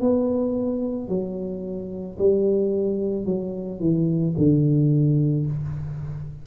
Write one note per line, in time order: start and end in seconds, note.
0.00 1.08 B3
1.08 2.17 F#3
2.18 3.25 G3
3.25 3.79 F#3
3.79 4.34 E3
4.37 5.46 D3